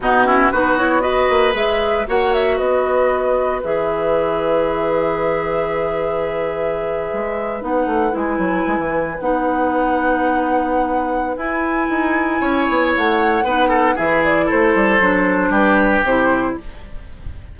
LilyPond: <<
  \new Staff \with { instrumentName = "flute" } { \time 4/4 \tempo 4 = 116 fis'4 b'8 cis''8 dis''4 e''4 | fis''8 e''8 dis''2 e''4~ | e''1~ | e''2~ e''8. fis''4 gis''16~ |
gis''4.~ gis''16 fis''2~ fis''16~ | fis''2 gis''2~ | gis''4 fis''2 e''8 d''8 | c''2 b'4 c''4 | }
  \new Staff \with { instrumentName = "oboe" } { \time 4/4 dis'8 e'8 fis'4 b'2 | cis''4 b'2.~ | b'1~ | b'1~ |
b'1~ | b'1 | cis''2 b'8 a'8 gis'4 | a'2 g'2 | }
  \new Staff \with { instrumentName = "clarinet" } { \time 4/4 b8 cis'8 dis'8 e'8 fis'4 gis'4 | fis'2. gis'4~ | gis'1~ | gis'2~ gis'8. dis'4 e'16~ |
e'4.~ e'16 dis'2~ dis'16~ | dis'2 e'2~ | e'2 dis'4 e'4~ | e'4 d'2 e'4 | }
  \new Staff \with { instrumentName = "bassoon" } { \time 4/4 b,4 b4. ais8 gis4 | ais4 b2 e4~ | e1~ | e4.~ e16 gis4 b8 a8 gis16~ |
gis16 fis8 gis16 e8. b2~ b16~ | b2 e'4 dis'4 | cis'8 b8 a4 b4 e4 | a8 g8 fis4 g4 c4 | }
>>